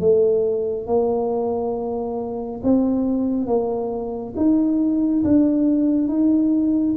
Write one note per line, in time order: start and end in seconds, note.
0.00 0.87 A3
0.87 2.61 A#3
2.63 3.47 C4
3.47 4.34 A#3
4.36 5.23 D#4
5.24 6.08 D4
6.08 6.95 D#4